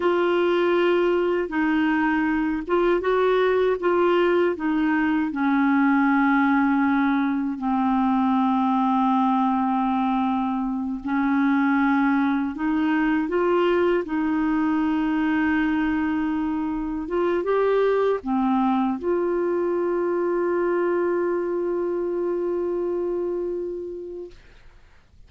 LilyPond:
\new Staff \with { instrumentName = "clarinet" } { \time 4/4 \tempo 4 = 79 f'2 dis'4. f'8 | fis'4 f'4 dis'4 cis'4~ | cis'2 c'2~ | c'2~ c'8 cis'4.~ |
cis'8 dis'4 f'4 dis'4.~ | dis'2~ dis'8 f'8 g'4 | c'4 f'2.~ | f'1 | }